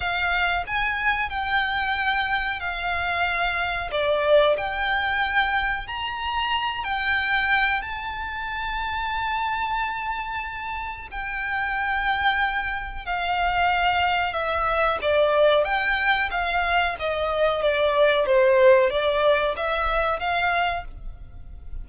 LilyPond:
\new Staff \with { instrumentName = "violin" } { \time 4/4 \tempo 4 = 92 f''4 gis''4 g''2 | f''2 d''4 g''4~ | g''4 ais''4. g''4. | a''1~ |
a''4 g''2. | f''2 e''4 d''4 | g''4 f''4 dis''4 d''4 | c''4 d''4 e''4 f''4 | }